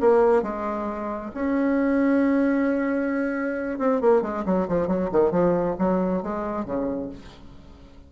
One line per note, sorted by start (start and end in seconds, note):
0.00 0.42 A#3
0.42 1.31 G#3
1.34 3.78 C#4
3.78 4.01 C4
4.01 4.22 A#3
4.22 4.44 G#3
4.45 4.67 F#3
4.68 4.87 F3
4.87 5.09 F#3
5.11 5.31 D#3
5.31 5.75 F3
5.78 6.22 F#3
6.22 6.65 G#3
6.65 7.09 C#3